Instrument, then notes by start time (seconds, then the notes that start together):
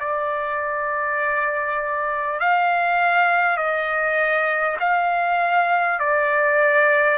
trumpet
0.00 D5
2.40 F5
3.57 D#5
4.79 F5
5.99 D5